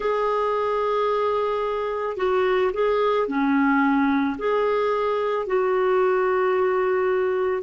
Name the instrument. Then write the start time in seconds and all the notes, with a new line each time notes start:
clarinet
0.00 G#4
2.17 F#4
2.73 G#4
3.27 C#4
4.38 G#4
5.46 F#4